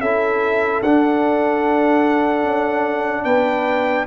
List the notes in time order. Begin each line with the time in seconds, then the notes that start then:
0.00 C#4 E4 A4 E5
0.82 D4 F#5
2.43 C#4
3.24 B3 B4 G5